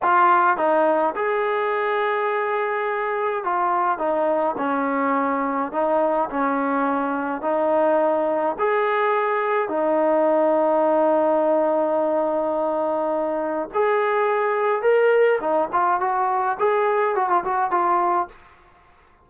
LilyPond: \new Staff \with { instrumentName = "trombone" } { \time 4/4 \tempo 4 = 105 f'4 dis'4 gis'2~ | gis'2 f'4 dis'4 | cis'2 dis'4 cis'4~ | cis'4 dis'2 gis'4~ |
gis'4 dis'2.~ | dis'1 | gis'2 ais'4 dis'8 f'8 | fis'4 gis'4 fis'16 f'16 fis'8 f'4 | }